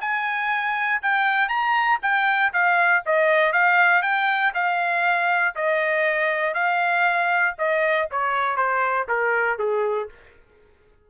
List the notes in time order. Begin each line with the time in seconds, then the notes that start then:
0.00 G#5
1.02 G5
1.48 A#5
2.02 G5
2.53 F5
3.05 D#5
3.52 F5
4.02 G5
4.54 F5
5.55 D#5
6.54 F5
7.58 D#5
8.10 C#5
8.56 C5
9.08 A#4
9.58 G#4